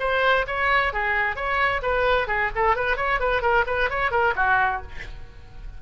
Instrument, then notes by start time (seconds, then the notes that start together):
oboe
0.00 C5
0.47 C#5
0.93 G#4
1.36 C#5
1.82 B4
2.28 G#4
2.55 A4
2.76 B4
2.97 C#5
3.20 B4
3.42 A#4
3.67 B4
3.90 C#5
4.11 A#4
4.36 F#4